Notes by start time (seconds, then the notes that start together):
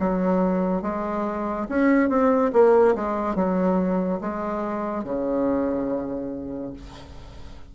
0.00 F#3
0.83 G#3
1.69 C#4
2.09 C4
2.53 A#3
2.95 G#3
3.35 F#3
4.21 G#3
5.04 C#3